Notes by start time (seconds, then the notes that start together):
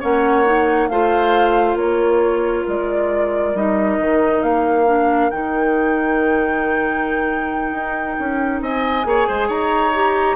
0.00 A#3 C#4 C#5 F#5
0.45 D#4
0.88 A3 F4 C5 F5
1.75 A#3 A#4 C#5
2.68 G#3 D5
3.54 G3 D#4 D#5
3.99 D#3
4.42 A#3 F5
4.86 D4
5.30 D#3 D#4 G5
7.72 D#4
8.19 C#4
8.61 C4 D#5 G#5
9.04 A#3 G#4 C#5
9.28 G#3 C5
9.48 D#4 C#5 A#5
9.94 G4